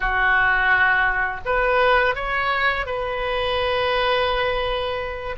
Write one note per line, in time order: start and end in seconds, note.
0.00 1.40 F#4
1.44 2.15 B4
2.15 2.86 C#5
2.86 5.36 B4